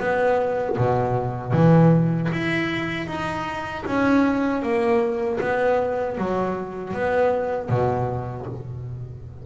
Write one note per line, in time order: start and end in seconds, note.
0.00 0.77 B3
0.77 1.53 B2
1.53 2.30 E3
2.32 3.07 E4
3.07 3.84 D#4
3.86 4.63 C#4
4.63 5.40 A#3
5.41 6.17 B3
6.17 6.94 F#3
6.94 7.69 B3
7.69 8.46 B2